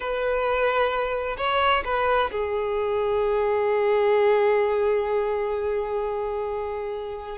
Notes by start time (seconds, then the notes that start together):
0.00 B4
1.37 C#5
1.84 B4
2.31 G#4